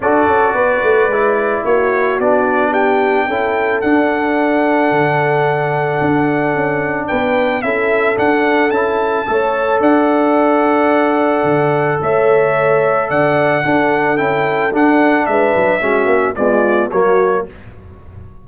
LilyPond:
<<
  \new Staff \with { instrumentName = "trumpet" } { \time 4/4 \tempo 4 = 110 d''2. cis''4 | d''4 g''2 fis''4~ | fis''1~ | fis''4 g''4 e''4 fis''4 |
a''2 fis''2~ | fis''2 e''2 | fis''2 g''4 fis''4 | e''2 d''4 cis''4 | }
  \new Staff \with { instrumentName = "horn" } { \time 4/4 a'4 b'2 fis'4~ | fis'4 g'4 a'2~ | a'1~ | a'4 b'4 a'2~ |
a'4 cis''4 d''2~ | d''2 cis''2 | d''4 a'2. | b'4 fis'4 f'4 fis'4 | }
  \new Staff \with { instrumentName = "trombone" } { \time 4/4 fis'2 e'2 | d'2 e'4 d'4~ | d'1~ | d'2 e'4 d'4 |
e'4 a'2.~ | a'1~ | a'4 d'4 e'4 d'4~ | d'4 cis'4 gis4 ais4 | }
  \new Staff \with { instrumentName = "tuba" } { \time 4/4 d'8 cis'8 b8 a8 gis4 ais4 | b2 cis'4 d'4~ | d'4 d2 d'4 | cis'4 b4 cis'4 d'4 |
cis'4 a4 d'2~ | d'4 d4 a2 | d4 d'4 cis'4 d'4 | gis8 fis8 gis8 ais8 b4 fis4 | }
>>